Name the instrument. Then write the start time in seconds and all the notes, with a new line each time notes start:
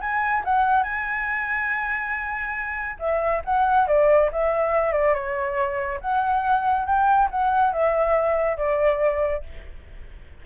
flute
0.00 G#5
0.44 F#5
0.83 G#5
2.99 E5
3.44 F#5
3.87 D5
4.32 E5
4.92 D5
5.14 C#5
6.00 F#5
6.86 G5
7.30 F#5
7.72 E5
8.57 D5